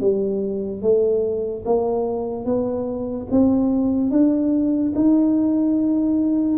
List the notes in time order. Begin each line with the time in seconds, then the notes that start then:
0.00 G3
0.81 A3
1.65 A#3
2.45 B3
3.30 C4
4.11 D4
4.95 D#4